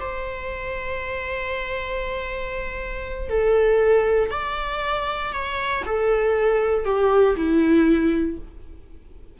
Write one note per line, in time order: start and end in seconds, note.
0.00 3.29 C5
3.29 4.31 A4
4.31 5.33 D5
5.33 5.84 C#5
5.85 6.85 A4
6.85 7.36 G4
7.36 8.38 E4